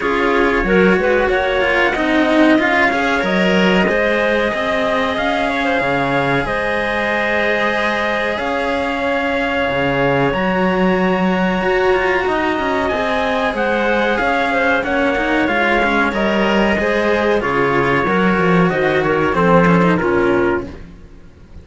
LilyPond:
<<
  \new Staff \with { instrumentName = "trumpet" } { \time 4/4 \tempo 4 = 93 cis''2 fis''2 | f''4 dis''2. | f''2 dis''2~ | dis''4 f''2. |
ais''1 | gis''4 fis''4 f''4 fis''4 | f''4 dis''2 cis''4~ | cis''4 dis''8 cis''8 c''4 ais'4 | }
  \new Staff \with { instrumentName = "clarinet" } { \time 4/4 gis'4 ais'8 b'8 cis''4 dis''4~ | dis''8 cis''4. c''4 dis''4~ | dis''8 cis''16 c''16 cis''4 c''2~ | c''4 cis''2.~ |
cis''2. dis''4~ | dis''4 c''4 cis''8 c''8 cis''4~ | cis''2 c''4 gis'4 | ais'4 c''8 ais'8 a'4 f'4 | }
  \new Staff \with { instrumentName = "cello" } { \time 4/4 f'4 fis'4. f'8 dis'4 | f'8 gis'8 ais'4 gis'2~ | gis'1~ | gis'1 |
fis'1 | gis'2. cis'8 dis'8 | f'8 cis'8 ais'4 gis'4 f'4 | fis'2 c'8 cis'16 dis'16 cis'4 | }
  \new Staff \with { instrumentName = "cello" } { \time 4/4 cis'4 fis8 gis8 ais4 c'4 | cis'4 fis4 gis4 c'4 | cis'4 cis4 gis2~ | gis4 cis'2 cis4 |
fis2 fis'8 f'8 dis'8 cis'8 | c'4 gis4 cis'4 ais4 | gis4 g4 gis4 cis4 | fis8 f8 dis4 f4 ais,4 | }
>>